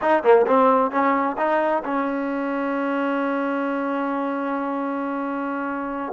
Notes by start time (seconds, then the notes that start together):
0.01 D#4
0.23 A#3
0.46 C4
0.91 C#4
1.37 D#4
1.84 C#4